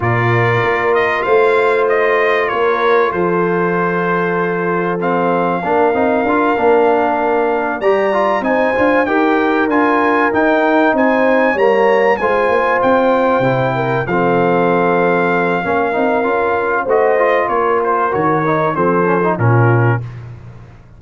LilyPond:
<<
  \new Staff \with { instrumentName = "trumpet" } { \time 4/4 \tempo 4 = 96 d''4. dis''8 f''4 dis''4 | cis''4 c''2. | f''1~ | f''8 ais''4 gis''4 g''4 gis''8~ |
gis''8 g''4 gis''4 ais''4 gis''8~ | gis''8 g''2 f''4.~ | f''2. dis''4 | cis''8 c''8 cis''4 c''4 ais'4 | }
  \new Staff \with { instrumentName = "horn" } { \time 4/4 ais'2 c''2 | ais'4 a'2.~ | a'4 ais'2.~ | ais'8 d''4 c''4 ais'4.~ |
ais'4. c''4 cis''4 c''8~ | c''2 ais'8 a'4.~ | a'4 ais'2 c''4 | ais'2 a'4 f'4 | }
  \new Staff \with { instrumentName = "trombone" } { \time 4/4 f'1~ | f'1 | c'4 d'8 dis'8 f'8 d'4.~ | d'8 g'8 f'8 dis'8 f'8 g'4 f'8~ |
f'8 dis'2 ais4 f'8~ | f'4. e'4 c'4.~ | c'4 cis'8 dis'8 f'4 fis'8 f'8~ | f'4 fis'8 dis'8 c'8 cis'16 dis'16 cis'4 | }
  \new Staff \with { instrumentName = "tuba" } { \time 4/4 ais,4 ais4 a2 | ais4 f2.~ | f4 ais8 c'8 d'8 ais4.~ | ais8 g4 c'8 d'8 dis'4 d'8~ |
d'8 dis'4 c'4 g4 gis8 | ais8 c'4 c4 f4.~ | f4 ais8 c'8 cis'4 a4 | ais4 dis4 f4 ais,4 | }
>>